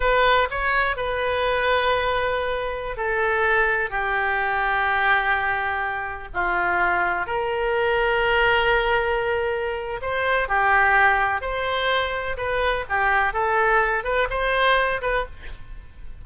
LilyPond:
\new Staff \with { instrumentName = "oboe" } { \time 4/4 \tempo 4 = 126 b'4 cis''4 b'2~ | b'2~ b'16 a'4.~ a'16~ | a'16 g'2.~ g'8.~ | g'4~ g'16 f'2 ais'8.~ |
ais'1~ | ais'4 c''4 g'2 | c''2 b'4 g'4 | a'4. b'8 c''4. b'8 | }